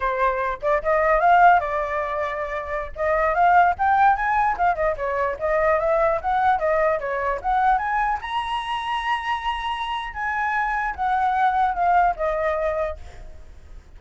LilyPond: \new Staff \with { instrumentName = "flute" } { \time 4/4 \tempo 4 = 148 c''4. d''8 dis''4 f''4 | d''2.~ d''16 dis''8.~ | dis''16 f''4 g''4 gis''4 f''8 dis''16~ | dis''16 cis''4 dis''4 e''4 fis''8.~ |
fis''16 dis''4 cis''4 fis''4 gis''8.~ | gis''16 ais''2.~ ais''8.~ | ais''4 gis''2 fis''4~ | fis''4 f''4 dis''2 | }